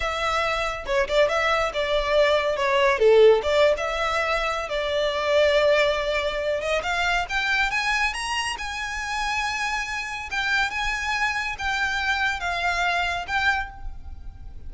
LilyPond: \new Staff \with { instrumentName = "violin" } { \time 4/4 \tempo 4 = 140 e''2 cis''8 d''8 e''4 | d''2 cis''4 a'4 | d''8. e''2~ e''16 d''4~ | d''2.~ d''8 dis''8 |
f''4 g''4 gis''4 ais''4 | gis''1 | g''4 gis''2 g''4~ | g''4 f''2 g''4 | }